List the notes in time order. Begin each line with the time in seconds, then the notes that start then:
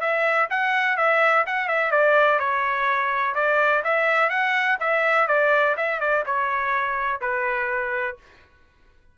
0.00 E5
0.50 F#5
0.96 E5
1.46 F#5
1.68 E5
1.91 D5
2.39 C#5
3.34 D5
3.84 E5
4.29 F#5
4.80 E5
5.28 D5
5.77 E5
6.00 D5
6.26 C#5
7.21 B4